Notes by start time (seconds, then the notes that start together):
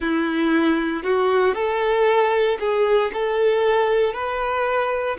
0.00 E4
1.03 F#4
1.54 A4
2.59 G#4
3.13 A4
4.13 B4